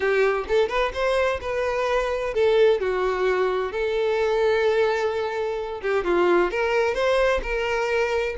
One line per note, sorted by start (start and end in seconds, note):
0.00 0.45 G4
0.48 0.68 A4
0.68 0.92 B4
0.93 1.40 C5
1.41 2.34 B4
2.34 2.80 A4
2.80 3.71 F#4
3.71 5.81 A4
5.82 6.04 G4
6.04 6.50 F4
6.50 6.94 A#4
6.94 7.41 C5
7.42 8.35 A#4